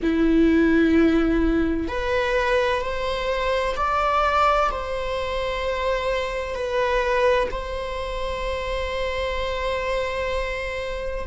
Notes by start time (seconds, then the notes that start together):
0.02 E4
1.87 B4
2.81 C5
3.76 D5
4.71 C5
6.54 B4
7.51 C5